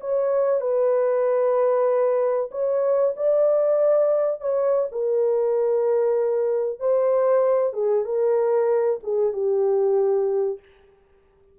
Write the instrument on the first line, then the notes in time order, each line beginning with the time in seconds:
horn
0.00 C#5
0.60 B4
2.51 C#5
3.16 D5
4.40 C#5
4.91 A#4
6.79 C5
7.73 G#4
8.04 A#4
9.03 G#4
9.32 G4